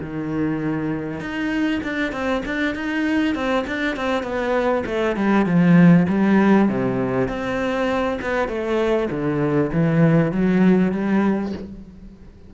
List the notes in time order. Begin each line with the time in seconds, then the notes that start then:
0.00 D#3
1.20 D#4
1.83 D4
2.12 C4
2.45 D4
2.75 D#4
3.35 C4
3.67 D4
3.96 C4
4.23 B3
4.86 A3
5.16 G3
5.46 F3
6.09 G3
6.69 C3
7.28 C4
8.21 B3
8.48 A3
9.10 D3
9.72 E3
10.32 F#3
10.92 G3